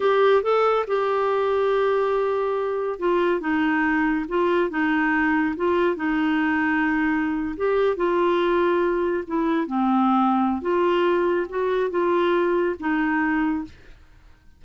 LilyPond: \new Staff \with { instrumentName = "clarinet" } { \time 4/4 \tempo 4 = 141 g'4 a'4 g'2~ | g'2. f'4 | dis'2 f'4 dis'4~ | dis'4 f'4 dis'2~ |
dis'4.~ dis'16 g'4 f'4~ f'16~ | f'4.~ f'16 e'4 c'4~ c'16~ | c'4 f'2 fis'4 | f'2 dis'2 | }